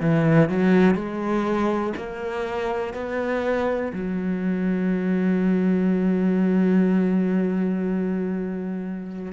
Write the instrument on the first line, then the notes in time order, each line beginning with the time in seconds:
cello
0.00 E3
0.49 F#3
0.94 G#3
1.96 A#3
2.93 B3
3.93 F#3